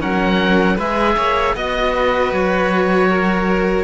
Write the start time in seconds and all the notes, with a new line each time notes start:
0.00 F#3 C#4 A#4 F#5
0.76 G#3 G#4 B4 E5
1.17 A#3 C#5
1.55 B3 F#4 D#5
1.93 B4
2.32 F#3 C#5
3.09 A#4